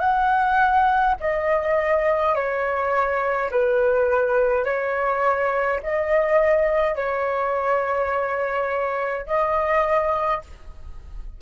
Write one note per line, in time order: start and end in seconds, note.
0.00 1.15 F#5
1.21 2.35 D#5
2.35 3.51 C#5
3.51 4.65 B4
4.65 5.81 C#5
5.83 6.96 D#5
6.96 9.27 C#5
9.27 10.42 D#5